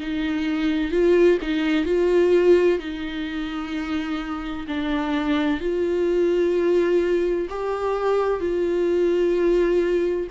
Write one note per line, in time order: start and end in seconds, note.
0.00 0.91 D#4
0.91 1.38 F4
1.41 1.85 D#4
1.85 2.79 F4
2.79 4.67 D#4
4.68 5.60 D4
5.60 7.48 F4
7.50 8.40 G4
8.40 10.28 F4